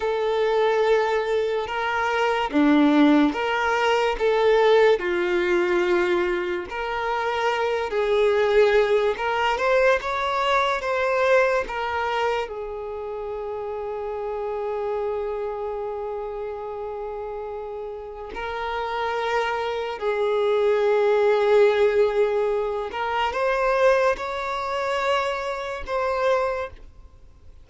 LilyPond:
\new Staff \with { instrumentName = "violin" } { \time 4/4 \tempo 4 = 72 a'2 ais'4 d'4 | ais'4 a'4 f'2 | ais'4. gis'4. ais'8 c''8 | cis''4 c''4 ais'4 gis'4~ |
gis'1~ | gis'2 ais'2 | gis'2.~ gis'8 ais'8 | c''4 cis''2 c''4 | }